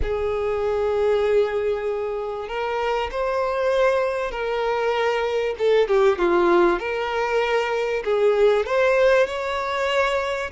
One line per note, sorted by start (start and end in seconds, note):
0.02 2.48 G#4
2.48 3.10 A#4
3.11 4.31 C5
4.31 5.55 A#4
5.58 5.88 A4
5.88 6.18 G4
6.18 6.79 F4
6.79 8.03 A#4
8.04 8.66 G#4
8.66 9.26 C5
9.26 10.50 C#5